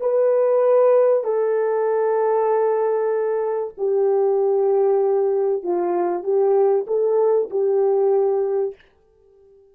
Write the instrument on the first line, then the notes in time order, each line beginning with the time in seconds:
horn
0.00 B4
1.23 A4
3.77 G4
5.62 F4
6.23 G4
6.87 A4
7.50 G4